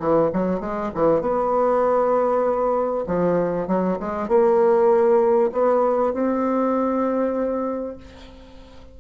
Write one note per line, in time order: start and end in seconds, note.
0.00 0.31 E3
0.33 0.61 F#3
0.61 0.91 G#3
0.95 1.22 E3
1.22 3.05 B3
3.07 3.68 F3
3.68 3.99 F#3
4.00 4.29 G#3
4.29 5.51 A#3
5.53 6.14 B3
6.14 7.98 C4